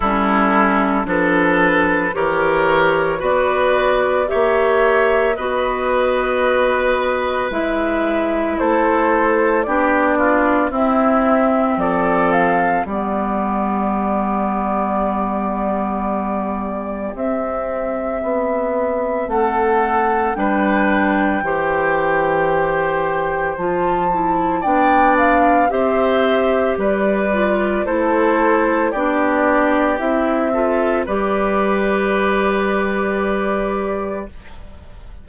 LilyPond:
<<
  \new Staff \with { instrumentName = "flute" } { \time 4/4 \tempo 4 = 56 a'4 b'4 cis''4 d''4 | e''4 dis''2 e''4 | c''4 d''4 e''4 d''8 f''8 | d''1 |
e''2 fis''4 g''4~ | g''2 a''4 g''8 f''8 | e''4 d''4 c''4 d''4 | e''4 d''2. | }
  \new Staff \with { instrumentName = "oboe" } { \time 4/4 e'4 a'4 ais'4 b'4 | cis''4 b'2. | a'4 g'8 f'8 e'4 a'4 | g'1~ |
g'2 a'4 b'4 | c''2. d''4 | c''4 b'4 a'4 g'4~ | g'8 a'8 b'2. | }
  \new Staff \with { instrumentName = "clarinet" } { \time 4/4 cis'4 d'4 g'4 fis'4 | g'4 fis'2 e'4~ | e'4 d'4 c'2 | b1 |
c'2. d'4 | g'2 f'8 e'8 d'4 | g'4. f'8 e'4 d'4 | e'8 f'8 g'2. | }
  \new Staff \with { instrumentName = "bassoon" } { \time 4/4 g4 f4 e4 b4 | ais4 b2 gis4 | a4 b4 c'4 f4 | g1 |
c'4 b4 a4 g4 | e2 f4 b4 | c'4 g4 a4 b4 | c'4 g2. | }
>>